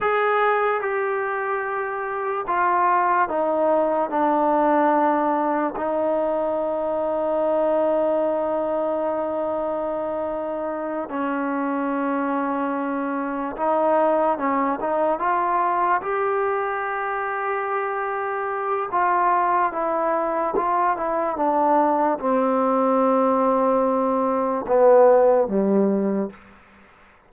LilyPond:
\new Staff \with { instrumentName = "trombone" } { \time 4/4 \tempo 4 = 73 gis'4 g'2 f'4 | dis'4 d'2 dis'4~ | dis'1~ | dis'4. cis'2~ cis'8~ |
cis'8 dis'4 cis'8 dis'8 f'4 g'8~ | g'2. f'4 | e'4 f'8 e'8 d'4 c'4~ | c'2 b4 g4 | }